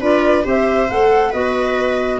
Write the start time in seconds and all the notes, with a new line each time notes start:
0.00 D4 F4 B4 D5
0.43 C4 G4 C5 E5
0.89 A3 A4 F#5
1.29 B3 F#4 B4 D#5